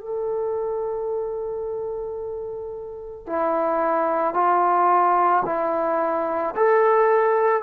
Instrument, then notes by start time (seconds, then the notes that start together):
trombone
0.00 A4
3.27 E4
4.34 F4
5.45 E4
6.56 A4